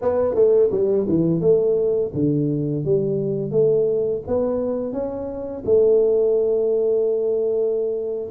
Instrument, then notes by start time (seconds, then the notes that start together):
tuba
0.01 B3
0.34 A3
0.71 G3
1.08 E3
1.40 A3
2.14 D3
2.84 G3
3.51 A3
4.27 B3
4.92 C#4
5.65 A3